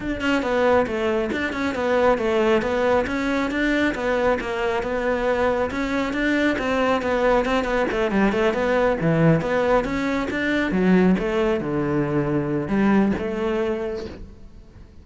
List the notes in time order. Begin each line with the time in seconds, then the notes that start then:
0.00 D4
0.21 C#4
0.42 B3
0.86 A3
1.31 D4
1.52 C#4
1.74 B3
2.18 A3
2.62 B3
3.07 C#4
3.50 D4
3.94 B3
4.40 A#3
4.83 B3
5.71 C#4
6.13 D4
6.58 C4
7.02 B3
7.45 C4
7.64 B3
7.91 A3
8.11 G3
8.32 A3
8.53 B3
9.00 E3
9.41 B3
9.84 C#4
10.30 D4
10.71 F#3
11.18 A3
11.60 D3
12.68 G3
13.18 A3